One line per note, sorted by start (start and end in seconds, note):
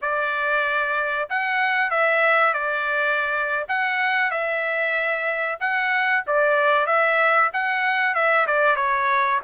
0.01 1.29 D5
1.29 1.90 F#5
1.90 2.53 E5
2.53 3.65 D5
3.68 4.30 F#5
4.30 5.58 E5
5.60 6.23 F#5
6.26 6.86 D5
6.86 7.50 E5
7.53 8.14 F#5
8.14 8.46 E5
8.46 8.76 D5
8.76 9.40 C#5